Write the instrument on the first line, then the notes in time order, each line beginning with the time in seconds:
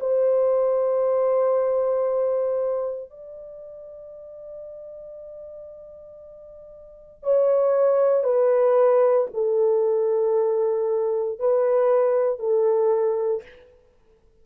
horn
0.00 C5
3.10 D5
7.23 C#5
8.23 B4
9.34 A4
11.39 B4
12.39 A4